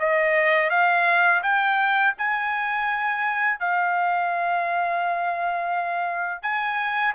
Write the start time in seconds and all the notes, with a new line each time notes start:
0.00 D#5
0.70 F5
1.43 G5
2.18 G#5
3.60 F5
6.43 G#5